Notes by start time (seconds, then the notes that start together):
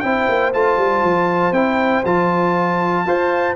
0.00 C4 E4 C5 G5
0.28 A#3
0.53 A3 F4 A5
0.77 G3
1.03 F3
1.52 C4 E4 G5
2.04 F3 F4 A5
3.05 F4 C5 F5